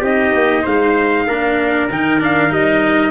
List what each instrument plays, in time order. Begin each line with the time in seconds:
0.00 tuba C4, cello D#4, trumpet G4 D#5
0.32 tuba A#3
0.62 tuba G#3, trumpet C5 F5
1.26 tuba A#3, cello D4, trumpet A#4
1.89 tuba D#3, cello D#4, trumpet G5
2.20 cello D4, trumpet F5
2.49 tuba G3, cello D#4, trumpet D#5